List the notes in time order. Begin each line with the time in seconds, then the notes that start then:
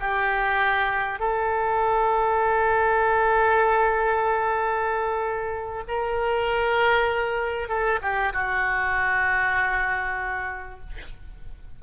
0.00 G4
1.20 A4
5.88 A#4
7.69 A4
8.02 G4
8.33 F#4